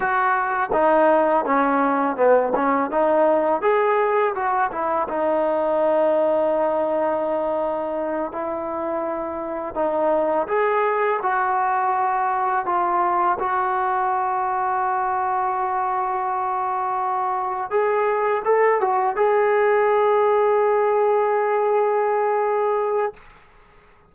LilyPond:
\new Staff \with { instrumentName = "trombone" } { \time 4/4 \tempo 4 = 83 fis'4 dis'4 cis'4 b8 cis'8 | dis'4 gis'4 fis'8 e'8 dis'4~ | dis'2.~ dis'8 e'8~ | e'4. dis'4 gis'4 fis'8~ |
fis'4. f'4 fis'4.~ | fis'1~ | fis'8 gis'4 a'8 fis'8 gis'4.~ | gis'1 | }